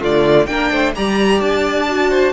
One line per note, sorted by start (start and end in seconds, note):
0.00 0.47 D3
0.00 0.47 A3
0.00 0.46 F4
0.00 0.46 D5
0.46 0.70 A#3
0.46 0.95 D4
0.46 0.71 A#4
0.46 0.92 G5
0.70 0.94 A3
0.70 0.94 C5
0.95 1.41 G3
0.95 1.87 G4
0.95 2.09 D5
0.95 1.40 A#5
1.40 2.32 D4
1.40 2.32 A5
1.88 2.32 F#4
2.09 2.32 C5